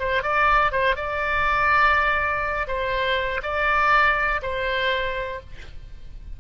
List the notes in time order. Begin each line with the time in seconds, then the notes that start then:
0.00 C5
0.23 D5
0.72 C5
0.96 D5
2.68 C5
3.43 D5
4.43 C5